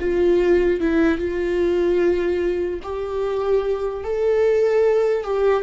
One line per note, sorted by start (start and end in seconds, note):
0.00 0.80 F4
0.80 1.18 E4
1.18 2.80 F4
2.83 4.04 G4
4.04 5.24 A4
5.24 5.63 G4